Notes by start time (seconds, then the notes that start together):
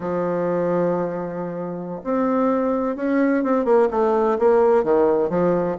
0.00 F3
2.03 C4
2.96 C#4
3.43 C4
3.64 A#3
3.90 A3
4.38 A#3
4.83 D#3
5.29 F3